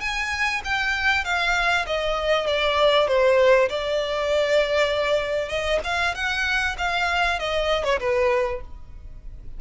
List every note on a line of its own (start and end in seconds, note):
0.00 0.61 G#5
0.64 1.24 G5
1.24 1.85 F5
1.86 2.47 D#5
2.47 3.08 D5
3.08 3.69 C5
3.69 5.49 D5
5.49 5.79 D#5
5.84 6.14 F5
6.14 6.76 F#5
6.78 7.39 F5
7.39 7.84 D#5
7.84 7.99 C#5
8.00 8.61 B4